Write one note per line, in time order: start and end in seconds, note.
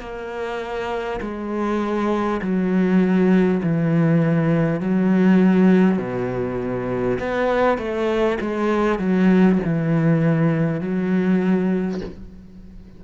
0.00 1.20 A#3
1.20 2.40 G#3
2.41 3.61 F#3
3.63 4.80 E3
4.80 5.98 F#3
5.98 7.18 B2
7.19 7.78 B3
7.78 8.38 A3
8.41 8.98 G#3
8.98 9.58 F#3
9.64 10.80 E3
10.80 12.00 F#3